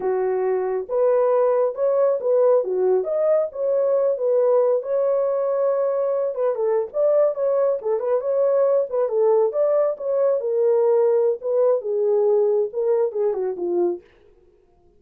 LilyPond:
\new Staff \with { instrumentName = "horn" } { \time 4/4 \tempo 4 = 137 fis'2 b'2 | cis''4 b'4 fis'4 dis''4 | cis''4. b'4. cis''4~ | cis''2~ cis''8 b'8 a'8. d''16~ |
d''8. cis''4 a'8 b'8 cis''4~ cis''16~ | cis''16 b'8 a'4 d''4 cis''4 ais'16~ | ais'2 b'4 gis'4~ | gis'4 ais'4 gis'8 fis'8 f'4 | }